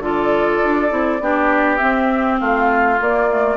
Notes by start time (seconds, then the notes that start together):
0.00 D3 F4 A4 D5
0.64 D4
0.90 C4 E4
1.21 B3 D4 G4
1.77 C4 E5
2.40 A3 F4 F5
3.00 A#3 D5
3.31 A3